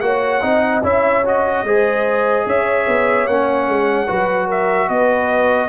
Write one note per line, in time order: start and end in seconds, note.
0.00 0.42 A#3
0.00 0.41 F#4
0.00 0.42 C#5
0.00 0.81 F#5
0.41 0.83 C4
0.41 0.82 D#4
0.41 0.83 D#5
0.83 1.63 C#4
0.83 1.23 E4
0.83 1.64 C#5
0.83 1.25 E5
1.25 1.65 F#4
1.25 2.47 D#5
1.63 2.44 G#3
1.63 3.28 G#4
1.63 2.46 C5
2.46 2.86 C#4
2.46 4.06 C#5
2.46 3.27 E5
2.87 3.27 B3
3.27 3.67 A#3
3.27 4.07 C#4
3.27 4.48 F#5
3.67 4.08 G#3
4.06 4.89 F#3
4.06 5.68 F#4
4.06 4.46 B4
4.46 4.87 A#4
4.46 4.89 E5
4.88 5.68 B3
4.88 5.68 B4
4.88 5.68 D#5